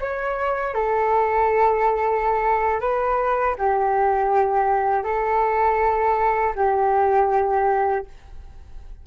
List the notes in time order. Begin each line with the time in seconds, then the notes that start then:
0.00 C#5
0.74 A4
2.80 B4
3.58 G4
5.04 A4
6.55 G4